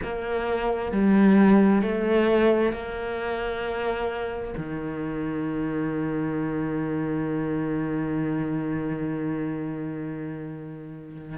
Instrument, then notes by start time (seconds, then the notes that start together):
cello
0.02 A#3
0.92 G3
1.82 A3
2.72 A#3
4.57 D#3